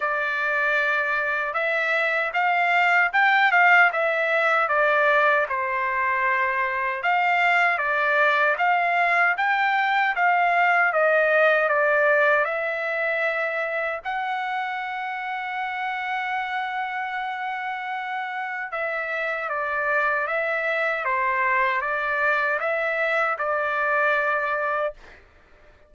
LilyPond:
\new Staff \with { instrumentName = "trumpet" } { \time 4/4 \tempo 4 = 77 d''2 e''4 f''4 | g''8 f''8 e''4 d''4 c''4~ | c''4 f''4 d''4 f''4 | g''4 f''4 dis''4 d''4 |
e''2 fis''2~ | fis''1 | e''4 d''4 e''4 c''4 | d''4 e''4 d''2 | }